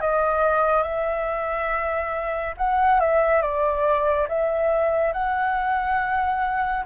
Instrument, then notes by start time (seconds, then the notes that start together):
flute
0.00 D#5
0.83 E5
2.57 F#5
3.00 E5
3.42 D5
4.28 E5
5.13 F#5